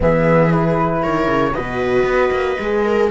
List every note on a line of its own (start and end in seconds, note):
0.00 1.05 E3
0.00 0.49 B3
0.00 1.02 G#4
0.00 0.52 E5
0.49 1.53 E4
0.49 1.03 B4
1.02 1.27 D#3
1.02 1.54 A#4
1.02 1.54 C#5
1.27 1.53 C#3
1.54 2.03 B2
1.54 2.59 F#4
1.54 2.84 B4
1.54 3.09 D#5
2.03 2.29 B3
2.31 2.57 A#3
2.59 3.10 G#3
2.59 3.10 G#4
2.84 3.10 A#4